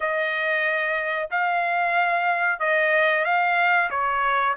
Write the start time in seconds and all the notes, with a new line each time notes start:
0.00 D#5
1.30 F5
2.59 D#5
3.24 F5
3.90 C#5